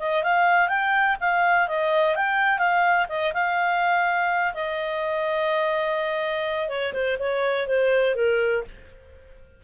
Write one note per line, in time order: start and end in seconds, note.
0.00 0.23 D#5
0.23 0.69 F5
0.69 1.17 G5
1.21 1.68 F5
1.68 2.16 D#5
2.16 2.59 G5
2.59 3.07 F5
3.09 3.33 D#5
3.34 4.54 F5
4.54 6.69 D#5
6.69 6.93 C#5
6.93 7.17 C5
7.19 7.67 C#5
7.68 8.16 C5
8.16 8.64 A#4